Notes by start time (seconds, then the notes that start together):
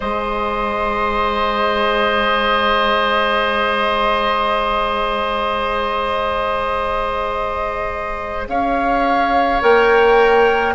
0.00 G#3 G#4 C5 D#5
8.48 C#4 C#5 F5
9.61 A#3 A#4 G5